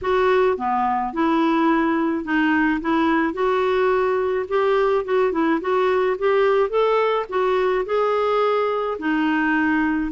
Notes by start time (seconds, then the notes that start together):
0.01 F#4
0.57 B3
1.13 E4
2.24 D#4
2.81 E4
3.33 F#4
4.48 G4
5.04 F#4
5.31 E4
5.60 F#4
6.18 G4
6.69 A4
7.29 F#4
7.85 G#4
8.99 D#4